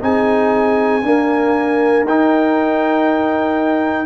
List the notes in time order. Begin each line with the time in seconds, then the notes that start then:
0.00 C4 D#4 G#4 G#5
1.03 A#3 D4 A#4
2.04 D#4 G5